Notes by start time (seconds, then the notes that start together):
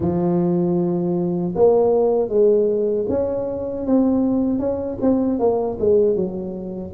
0.00 F3
1.55 A#3
2.29 G#3
3.08 C#4
3.85 C4
4.59 C#4
5.01 C4
5.39 A#3
5.79 G#3
6.15 F#3